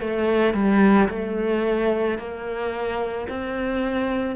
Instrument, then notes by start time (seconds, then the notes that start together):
cello
0.00 A3
0.54 G3
1.09 A3
2.18 A#3
3.28 C4